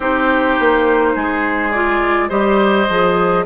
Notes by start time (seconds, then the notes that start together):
0.00 C4 D#4 G4 C5
0.59 A#3
1.15 G#3 G#4
1.71 F4 D5
2.28 G3 G4 C5 D#5
2.88 F3 G#4